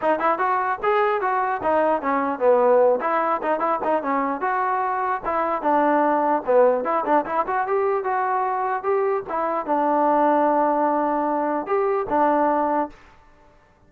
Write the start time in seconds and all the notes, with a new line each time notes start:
0.01 D#4
0.19 E4
0.38 F#4
0.82 G#4
1.21 F#4
1.62 D#4
2.01 C#4
2.39 B3
3.00 E4
3.42 D#4
3.59 E4
3.84 D#4
4.02 C#4
4.41 F#4
5.25 E4
5.62 D4
6.45 B3
6.84 E4
7.05 D4
7.25 E4
7.47 F#4
7.67 G4
8.04 F#4
8.83 G4
9.29 E4
9.66 D4
11.66 G4
12.09 D4